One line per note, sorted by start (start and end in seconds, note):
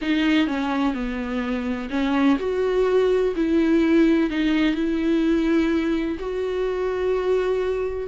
0.01 0.47 D#4
0.47 0.94 C#4
0.94 1.89 B3
1.89 2.37 C#4
2.39 3.34 F#4
3.36 4.30 E4
4.30 4.74 D#4
4.74 6.17 E4
6.19 8.08 F#4